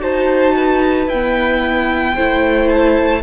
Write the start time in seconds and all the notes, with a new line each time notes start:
0.00 D#4 F#4 C5 A5
0.56 B4
1.07 E4 G5
1.13 B3
2.15 A3 E4 C5
2.68 A5